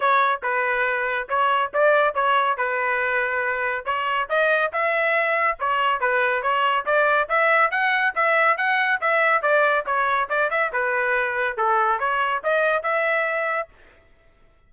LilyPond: \new Staff \with { instrumentName = "trumpet" } { \time 4/4 \tempo 4 = 140 cis''4 b'2 cis''4 | d''4 cis''4 b'2~ | b'4 cis''4 dis''4 e''4~ | e''4 cis''4 b'4 cis''4 |
d''4 e''4 fis''4 e''4 | fis''4 e''4 d''4 cis''4 | d''8 e''8 b'2 a'4 | cis''4 dis''4 e''2 | }